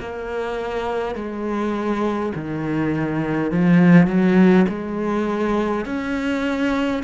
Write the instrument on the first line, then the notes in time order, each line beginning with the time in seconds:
cello
0.00 A#3
1.15 G#3
2.35 D#3
3.51 F3
4.07 F#3
4.68 G#3
5.85 C#4